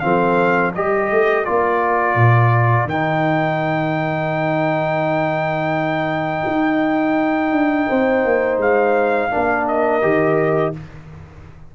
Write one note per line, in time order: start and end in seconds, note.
0.00 0.75 F3
0.00 0.73 C4
0.00 0.74 A4
0.00 0.71 F5
0.74 1.11 G3
0.74 1.45 G4
0.74 7.88 A#4
0.74 1.45 D#5
1.11 1.46 A3
1.45 2.15 A#3
1.45 2.88 F4
1.45 2.88 D5
2.15 2.85 A#2
2.85 6.42 D#3
2.85 9.31 D#4
2.85 8.60 G5
6.46 7.51 D#4
7.51 7.87 D4
7.88 8.24 C4
7.88 9.31 C5
8.24 8.58 A#3
8.58 9.29 G#3
8.58 9.68 F5
9.31 10.02 A#3
9.31 10.01 D4
9.31 10.75 A#4
9.68 10.75 D#5
10.01 10.74 D#3
10.01 10.73 G4